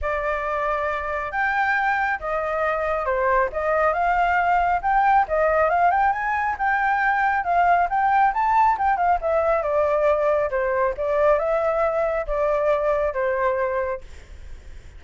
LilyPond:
\new Staff \with { instrumentName = "flute" } { \time 4/4 \tempo 4 = 137 d''2. g''4~ | g''4 dis''2 c''4 | dis''4 f''2 g''4 | dis''4 f''8 g''8 gis''4 g''4~ |
g''4 f''4 g''4 a''4 | g''8 f''8 e''4 d''2 | c''4 d''4 e''2 | d''2 c''2 | }